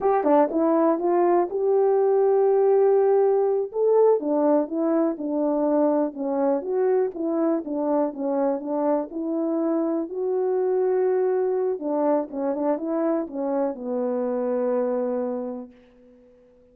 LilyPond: \new Staff \with { instrumentName = "horn" } { \time 4/4 \tempo 4 = 122 g'8 d'8 e'4 f'4 g'4~ | g'2.~ g'8 a'8~ | a'8 d'4 e'4 d'4.~ | d'8 cis'4 fis'4 e'4 d'8~ |
d'8 cis'4 d'4 e'4.~ | e'8 fis'2.~ fis'8 | d'4 cis'8 d'8 e'4 cis'4 | b1 | }